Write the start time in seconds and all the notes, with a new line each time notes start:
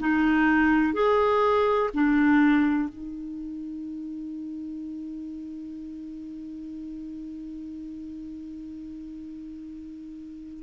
0.00 D#4
0.93 G#4
1.94 D4
2.89 D#4